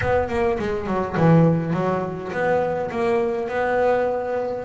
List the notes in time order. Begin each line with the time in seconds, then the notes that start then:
0.01 B3
0.28 A#3
0.59 G#3
0.86 F#3
1.17 E3
1.73 F#3
2.32 B3
2.91 A#3
3.48 B3